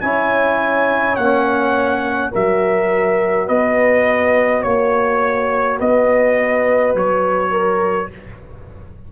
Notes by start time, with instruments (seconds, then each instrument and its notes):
0.00 tuba C#4, trombone E4, horn C#5, trumpet G#5
1.15 tuba A#3, trombone C#4, trumpet F#5
2.31 tuba F#3, trombone F#4, horn A#4, trumpet E5
3.47 tuba B3, horn B4, trumpet D#5
4.61 tuba A#3, horn C#5, trumpet C#5
5.79 tuba B3, horn B4, trumpet D#5
6.94 tuba F#3, trumpet C#5
7.51 horn A#4